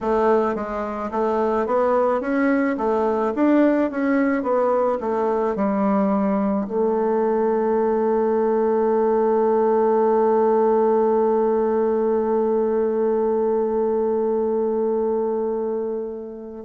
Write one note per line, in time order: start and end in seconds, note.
0.00 0.55 A3
0.55 1.10 G#3
1.11 1.66 A3
1.66 2.20 B3
2.20 2.76 C#4
2.77 3.33 A3
3.35 3.90 D4
3.90 4.42 C#4
4.42 4.98 B3
5.00 5.55 A3
5.55 6.66 G3
6.67 16.65 A3